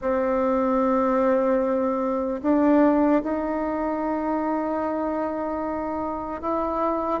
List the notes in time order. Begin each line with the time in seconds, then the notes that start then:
0.01 C4
2.42 D4
3.23 D#4
6.41 E4